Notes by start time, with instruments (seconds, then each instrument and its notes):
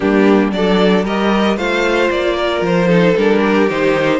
0.00 cello G3, viola A#3, violin D4 G4
0.51 cello F#3, viola D4, violin A4 D5
1.04 cello G3, viola G4, violin A#4 D#5
1.56 cello A3, viola F4, violin C5 F5
2.10 cello A#3, violin D5
2.35 violin A#4
2.61 cello F3, violin C5
2.87 viola D#4, violin A4
3.17 cello G3, viola D4, violin A#4
3.40 violin G4
3.69 cello D#3, viola D#4, violin C5